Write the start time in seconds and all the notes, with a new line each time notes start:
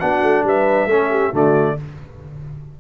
0.00 B3 D4 F#4 F#5
0.23 A3
0.44 G3 B4 E5
0.86 A3 C#4 A4
1.11 G4
1.32 D3 A3 F#4 D5